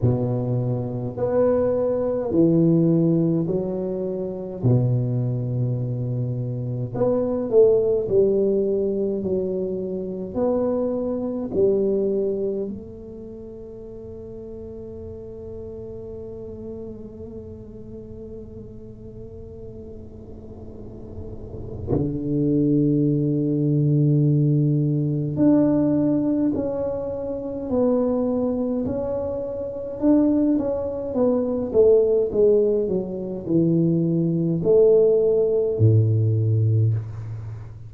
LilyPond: \new Staff \with { instrumentName = "tuba" } { \time 4/4 \tempo 4 = 52 b,4 b4 e4 fis4 | b,2 b8 a8 g4 | fis4 b4 g4 a4~ | a1~ |
a2. d4~ | d2 d'4 cis'4 | b4 cis'4 d'8 cis'8 b8 a8 | gis8 fis8 e4 a4 a,4 | }